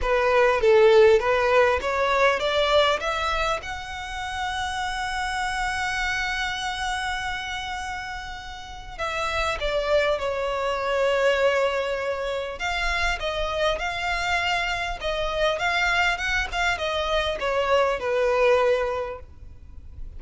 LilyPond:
\new Staff \with { instrumentName = "violin" } { \time 4/4 \tempo 4 = 100 b'4 a'4 b'4 cis''4 | d''4 e''4 fis''2~ | fis''1~ | fis''2. e''4 |
d''4 cis''2.~ | cis''4 f''4 dis''4 f''4~ | f''4 dis''4 f''4 fis''8 f''8 | dis''4 cis''4 b'2 | }